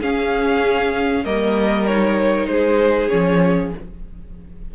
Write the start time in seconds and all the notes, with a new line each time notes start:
0.00 C#4 G#4 F5
1.25 G3 A#3 A#4 D#5
1.87 D#4 C#5
2.47 G#3 G#4 C5
3.09 F3 C#4 C#5